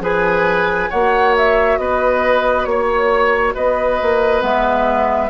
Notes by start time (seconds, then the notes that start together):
0.00 F3 G#4 B4 G#5
0.90 A#3 F#4 C#5 F#5
1.37 E5
1.78 B3 B4 D#5
2.64 A#3 C#5
3.54 B3 B4 D#5
4.02 A#3
4.40 G#3 B3 E5